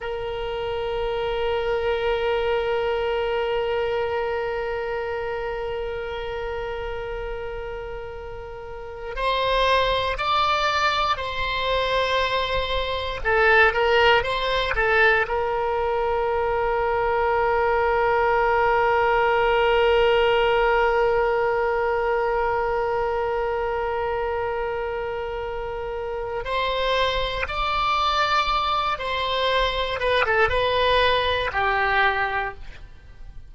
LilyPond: \new Staff \with { instrumentName = "oboe" } { \time 4/4 \tempo 4 = 59 ais'1~ | ais'1~ | ais'4 c''4 d''4 c''4~ | c''4 a'8 ais'8 c''8 a'8 ais'4~ |
ais'1~ | ais'1~ | ais'2 c''4 d''4~ | d''8 c''4 b'16 a'16 b'4 g'4 | }